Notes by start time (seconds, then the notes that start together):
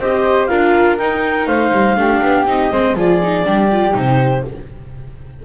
0.00 C4 G4 C5 D#5
0.47 D4 F4 A#4 F5
0.98 D#4 G5
1.47 A3 C5 F5
1.72 G3
1.96 A3 D4 G4
2.22 B3
2.46 C4 D#4 D#5
2.72 G#3 C4 C5
2.95 F3 F4 G#4 D5
3.22 D#4
3.44 G3 D4 G4
3.72 F4
3.92 C3 D#4 C5